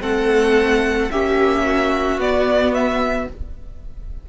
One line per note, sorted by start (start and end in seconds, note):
0.00 1.10 A3
0.00 1.09 C4
0.00 1.11 A4
0.00 1.11 F#5
1.11 2.17 A#3
1.11 2.20 C#4
1.11 1.64 G4
1.11 2.20 E5
1.64 3.28 F#4
2.17 3.26 B3
2.17 3.29 B3
2.17 2.74 D5
2.74 3.29 E5